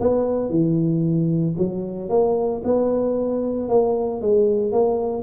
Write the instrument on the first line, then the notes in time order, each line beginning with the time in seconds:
tuba
0.00 B3
0.50 E3
1.58 F#3
2.09 A#3
2.64 B3
3.69 A#3
4.21 G#3
4.72 A#3